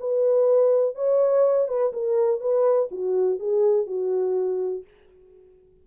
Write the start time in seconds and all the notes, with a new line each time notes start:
0.00 B4
0.95 C#5
1.68 B4
1.93 A#4
2.40 B4
2.91 F#4
3.39 G#4
3.87 F#4